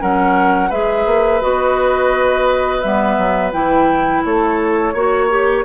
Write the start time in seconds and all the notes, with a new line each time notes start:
0.00 F#3 C#4 A#4 F#5
0.70 G#3 G#4 B4 E5
1.06 A#3
1.41 B3 F#4 D#5
2.81 G3 B3 E5
3.18 F#3
3.53 E3 E4 G5
4.25 A3 A4 C#5
4.94 A#3 F#4 C#5
5.30 G4